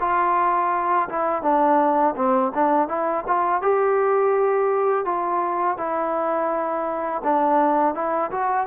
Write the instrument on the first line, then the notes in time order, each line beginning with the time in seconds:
trombone
0.00 F4
1.09 E4
1.42 D4
2.16 C4
2.54 D4
2.88 E4
3.27 F4
3.61 G4
5.05 F4
5.77 E4
7.23 D4
7.94 E4
8.31 F#4